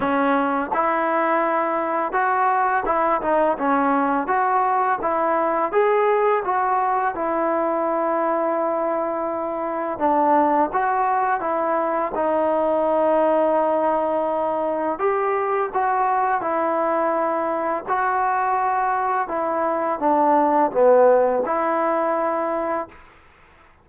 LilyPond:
\new Staff \with { instrumentName = "trombone" } { \time 4/4 \tempo 4 = 84 cis'4 e'2 fis'4 | e'8 dis'8 cis'4 fis'4 e'4 | gis'4 fis'4 e'2~ | e'2 d'4 fis'4 |
e'4 dis'2.~ | dis'4 g'4 fis'4 e'4~ | e'4 fis'2 e'4 | d'4 b4 e'2 | }